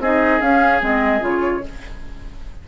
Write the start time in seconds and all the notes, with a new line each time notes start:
0.00 C4 D#4 G#4 D#5
0.41 C#4 F5
0.81 G#3 C4 D#5
1.21 C#3 F4
1.28 C#5